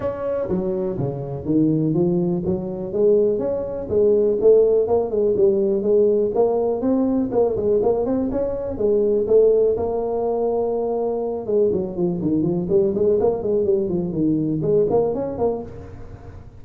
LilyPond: \new Staff \with { instrumentName = "tuba" } { \time 4/4 \tempo 4 = 123 cis'4 fis4 cis4 dis4 | f4 fis4 gis4 cis'4 | gis4 a4 ais8 gis8 g4 | gis4 ais4 c'4 ais8 gis8 |
ais8 c'8 cis'4 gis4 a4 | ais2.~ ais8 gis8 | fis8 f8 dis8 f8 g8 gis8 ais8 gis8 | g8 f8 dis4 gis8 ais8 cis'8 ais8 | }